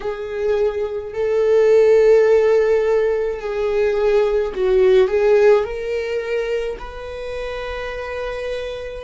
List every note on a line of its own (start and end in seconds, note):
0.00 1.13 G#4
1.13 3.40 A4
3.40 4.53 G#4
4.54 5.07 F#4
5.07 5.63 G#4
5.63 6.77 A#4
6.78 9.04 B4